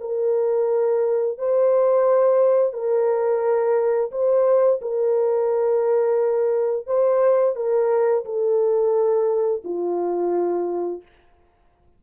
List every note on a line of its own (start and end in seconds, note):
0.00 1.38 A#4
1.38 2.72 C5
2.72 4.10 A#4
4.11 4.80 C5
4.81 6.86 A#4
6.86 7.55 C5
7.55 8.24 A#4
8.24 9.62 A4
9.64 11.02 F4